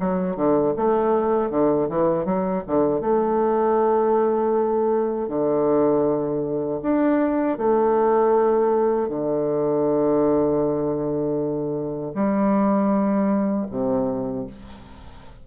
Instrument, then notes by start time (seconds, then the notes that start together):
bassoon
0.00 F#3
0.37 D3
0.76 A3
1.51 D3
1.89 E3
2.25 F#3
2.67 D3
3.01 A3
5.29 D3
6.83 D4
7.58 A3
9.09 D3
12.14 G3
13.71 C3